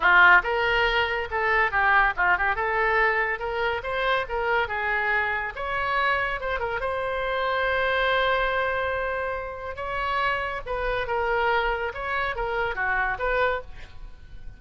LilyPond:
\new Staff \with { instrumentName = "oboe" } { \time 4/4 \tempo 4 = 141 f'4 ais'2 a'4 | g'4 f'8 g'8 a'2 | ais'4 c''4 ais'4 gis'4~ | gis'4 cis''2 c''8 ais'8 |
c''1~ | c''2. cis''4~ | cis''4 b'4 ais'2 | cis''4 ais'4 fis'4 b'4 | }